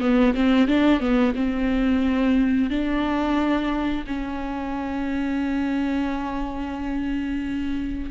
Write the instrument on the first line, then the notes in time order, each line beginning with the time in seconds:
viola
0.00 B3
0.34 C4
0.67 D4
1.00 B3
1.35 C4
2.70 D4
4.06 C#4